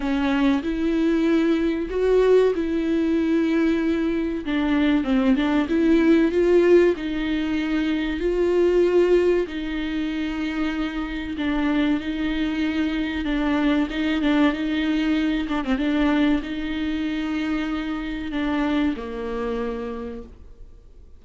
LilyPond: \new Staff \with { instrumentName = "viola" } { \time 4/4 \tempo 4 = 95 cis'4 e'2 fis'4 | e'2. d'4 | c'8 d'8 e'4 f'4 dis'4~ | dis'4 f'2 dis'4~ |
dis'2 d'4 dis'4~ | dis'4 d'4 dis'8 d'8 dis'4~ | dis'8 d'16 c'16 d'4 dis'2~ | dis'4 d'4 ais2 | }